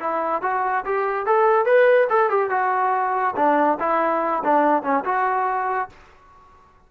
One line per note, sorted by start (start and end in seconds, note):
0.00 0.42 E4
0.42 0.84 F#4
0.85 1.26 G4
1.26 1.65 A4
1.65 2.08 B4
2.10 2.29 A4
2.29 2.50 G4
2.50 3.35 F#4
3.36 3.78 D4
3.79 4.43 E4
4.44 4.83 D4
4.83 5.04 C#4
5.05 5.89 F#4